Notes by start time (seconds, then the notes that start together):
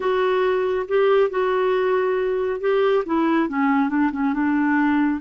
0.00 F#4
0.87 G4
1.30 F#4
2.60 G4
3.05 E4
3.48 C#4
3.89 D4
4.11 C#4
4.33 D4